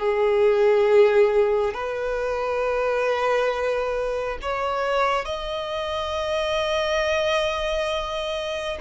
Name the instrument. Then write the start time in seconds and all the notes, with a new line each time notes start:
violin
0.00 G#4
1.74 B4
4.42 C#5
5.26 D#5